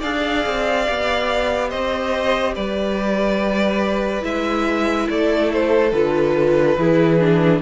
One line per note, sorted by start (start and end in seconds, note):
0.00 0.45 D4
0.00 0.86 G#4
0.00 1.69 D5
0.00 1.70 F5
0.46 0.88 C4
0.86 1.73 B3
0.86 4.21 G4
1.69 2.56 C4
1.69 2.54 C5
1.69 2.54 D#5
2.55 4.23 G3
2.55 5.08 B4
2.55 4.24 D5
4.21 5.07 G#3
4.21 5.90 E4
4.21 5.09 E5
5.10 5.92 A3
5.10 6.78 A4
5.10 5.52 D5
5.53 5.92 C5
5.92 6.76 D3
5.92 6.78 F4
5.92 7.61 B4
6.77 7.61 E3
6.77 7.19 E4
6.77 7.61 G#4
7.19 7.61 D4